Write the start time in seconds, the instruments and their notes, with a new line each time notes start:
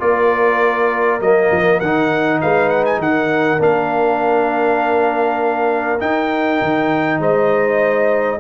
0.00 tuba A#3, trombone F4, horn A#4, trumpet D5
1.20 tuba F#3, trombone A#3, trumpet D#5
1.51 tuba F3
1.80 tuba D#3, trombone D#4, trumpet F#5
2.42 tuba G#3, horn B4, trumpet F5
2.70 trumpet F#5
2.85 trumpet G#5
2.99 tuba D#3, horn A#4, trumpet F#5
3.59 tuba A#3, trombone D4, trumpet F5
6.00 trombone D#4, tuba D#4, trumpet G5
6.62 tuba D#3
7.19 tuba G#3, horn C5, trumpet D#5